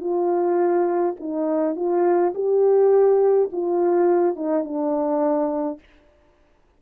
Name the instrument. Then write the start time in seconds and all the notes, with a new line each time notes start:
horn
0.00 F4
1.20 D#4
1.76 F4
2.34 G4
3.52 F4
4.35 D#4
4.64 D4